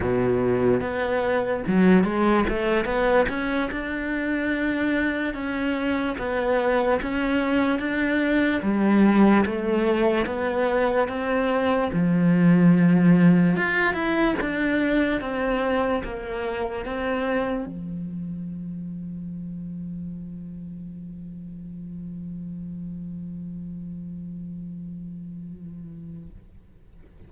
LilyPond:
\new Staff \with { instrumentName = "cello" } { \time 4/4 \tempo 4 = 73 b,4 b4 fis8 gis8 a8 b8 | cis'8 d'2 cis'4 b8~ | b8 cis'4 d'4 g4 a8~ | a8 b4 c'4 f4.~ |
f8 f'8 e'8 d'4 c'4 ais8~ | ais8 c'4 f2~ f8~ | f1~ | f1 | }